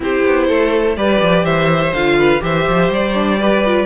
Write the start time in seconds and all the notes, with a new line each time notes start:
0.00 C4 E4 G4 C5
0.25 B3
0.47 A3 A4
0.97 G3 G4 B4 D5
1.22 F3
1.43 E3 C5 E5
1.92 D3 F4 F5
2.18 B4
2.40 E3 G4 C5 E5
2.68 F3
2.89 G3 D5
3.14 D4
3.39 G4 B4
3.65 F4